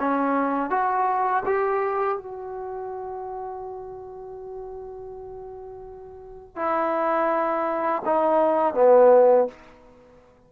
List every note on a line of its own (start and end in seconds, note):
0.00 0.70 C#4
0.70 1.43 F#4
1.46 2.18 G4
2.18 6.57 F#4
6.57 8.03 E4
8.06 8.75 D#4
8.75 9.48 B3